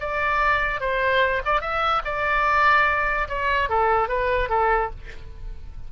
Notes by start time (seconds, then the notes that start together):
0.00 D5
0.81 C5
1.45 D5
1.61 E5
2.05 D5
3.28 C#5
3.69 A4
4.09 B4
4.49 A4